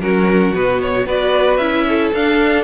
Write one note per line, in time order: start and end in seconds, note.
0.00 0.53 F#3
0.00 0.54 C#4
0.00 1.06 F#4
0.00 0.54 A#4
0.54 1.06 B2
0.54 1.07 B3
0.54 0.81 B4
0.81 1.08 C#5
1.06 1.58 B3
1.06 1.60 F#4
1.06 1.85 B4
1.06 1.57 D5
1.57 2.11 C#4
1.57 2.13 E4
1.57 2.10 E5
1.88 2.63 A4
2.13 2.63 D4
2.13 2.63 F5